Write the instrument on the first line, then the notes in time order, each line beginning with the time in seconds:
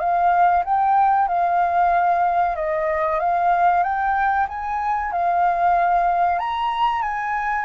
flute
0.00 F5
0.65 G5
1.28 F5
2.56 D#5
3.20 F5
3.83 G5
4.49 G#5
5.12 F5
6.39 A#5
7.02 G#5